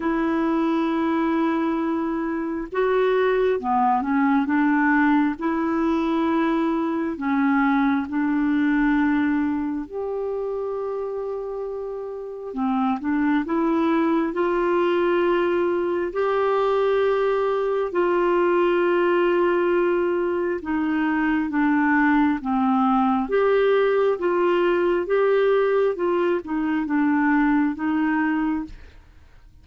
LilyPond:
\new Staff \with { instrumentName = "clarinet" } { \time 4/4 \tempo 4 = 67 e'2. fis'4 | b8 cis'8 d'4 e'2 | cis'4 d'2 g'4~ | g'2 c'8 d'8 e'4 |
f'2 g'2 | f'2. dis'4 | d'4 c'4 g'4 f'4 | g'4 f'8 dis'8 d'4 dis'4 | }